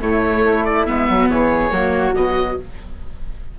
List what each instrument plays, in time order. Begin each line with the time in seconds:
0.00 bassoon A2, viola A3, flute E4, oboe C#5
0.44 bassoon A3
0.64 oboe D5
0.86 bassoon G#3, viola B3, oboe E5
1.07 bassoon F#3, flute F#4
1.28 bassoon E3, flute G#4, oboe C#5
1.71 bassoon F#3, viola A#3, flute F#4
2.14 bassoon B2, viola F#3, oboe D#5